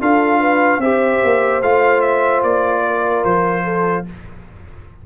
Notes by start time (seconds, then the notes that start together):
0.00 D4 F4 A4 F5
0.40 B4
0.78 C4 G4 C5 E5
1.23 A#3
1.61 A3 F4 F5
2.00 E5
2.43 A#3 D5
2.85 A#4
3.24 F3 C5
3.64 A4